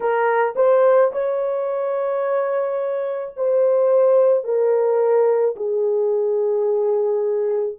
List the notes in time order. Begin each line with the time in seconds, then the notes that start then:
0.00 A#4
0.56 C5
1.12 C#5
3.36 C5
4.43 A#4
5.56 G#4